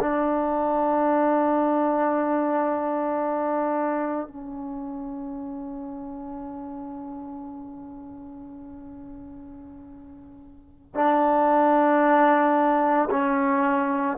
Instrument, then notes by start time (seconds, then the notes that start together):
trombone
0.00 D4
4.28 C#4
10.95 D4
13.11 C#4